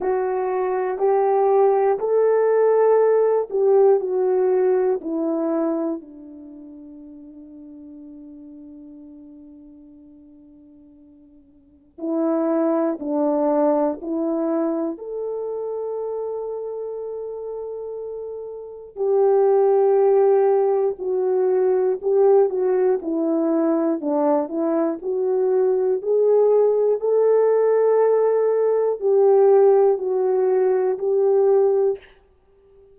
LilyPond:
\new Staff \with { instrumentName = "horn" } { \time 4/4 \tempo 4 = 60 fis'4 g'4 a'4. g'8 | fis'4 e'4 d'2~ | d'1 | e'4 d'4 e'4 a'4~ |
a'2. g'4~ | g'4 fis'4 g'8 fis'8 e'4 | d'8 e'8 fis'4 gis'4 a'4~ | a'4 g'4 fis'4 g'4 | }